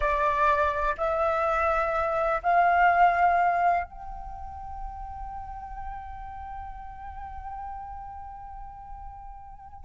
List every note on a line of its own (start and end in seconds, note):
0.00 0.95 D5
0.97 2.41 E5
2.42 3.84 F5
3.84 9.84 G5